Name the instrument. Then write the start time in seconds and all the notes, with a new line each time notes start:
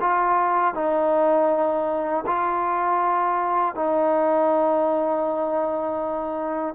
trombone
0.00 F4
0.74 D#4
2.26 F4
3.75 D#4